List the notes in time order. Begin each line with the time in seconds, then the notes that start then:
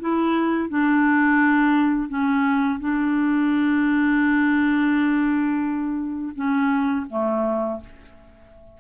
0.00 E4
0.69 D4
2.09 C#4
2.79 D4
6.35 C#4
7.09 A3